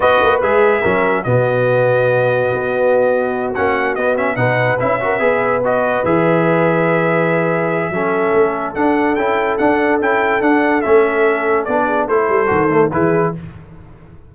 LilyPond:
<<
  \new Staff \with { instrumentName = "trumpet" } { \time 4/4 \tempo 4 = 144 dis''4 e''2 dis''4~ | dis''1~ | dis''8 fis''4 dis''8 e''8 fis''4 e''8~ | e''4. dis''4 e''4.~ |
e''1~ | e''4 fis''4 g''4 fis''4 | g''4 fis''4 e''2 | d''4 c''2 b'4 | }
  \new Staff \with { instrumentName = "horn" } { \time 4/4 b'2 ais'4 fis'4~ | fis'1~ | fis'2~ fis'8 b'4. | ais'8 b'2.~ b'8~ |
b'2. a'4~ | a'1~ | a'1~ | a'8 gis'8 a'2 gis'4 | }
  \new Staff \with { instrumentName = "trombone" } { \time 4/4 fis'4 gis'4 cis'4 b4~ | b1~ | b8 cis'4 b8 cis'8 dis'4 e'8 | fis'8 gis'4 fis'4 gis'4.~ |
gis'2. cis'4~ | cis'4 d'4 e'4 d'4 | e'4 d'4 cis'2 | d'4 e'4 fis'8 a8 e'4 | }
  \new Staff \with { instrumentName = "tuba" } { \time 4/4 b8 ais8 gis4 fis4 b,4~ | b,2 b2~ | b8 ais4 b4 b,4 cis'8~ | cis'8 b2 e4.~ |
e2. fis4 | a4 d'4 cis'4 d'4 | cis'4 d'4 a2 | b4 a8 g8 dis4 e4 | }
>>